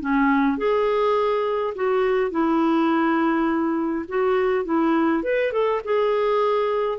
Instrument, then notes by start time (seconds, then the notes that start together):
clarinet
0.00 C#4
0.57 G#4
1.75 F#4
2.31 E4
4.08 F#4
4.65 E4
5.23 B4
5.52 A4
5.84 G#4